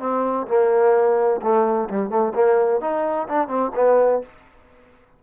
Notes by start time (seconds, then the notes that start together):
0.00 C4
0.48 A#3
1.42 A3
1.90 G3
2.10 A3
2.35 A#3
2.81 D#4
3.29 D4
3.48 C4
3.75 B3